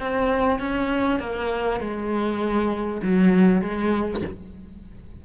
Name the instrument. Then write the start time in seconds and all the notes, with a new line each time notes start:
cello
0.00 C4
0.60 C#4
1.20 A#3
1.81 G#3
3.02 F#3
3.62 G#3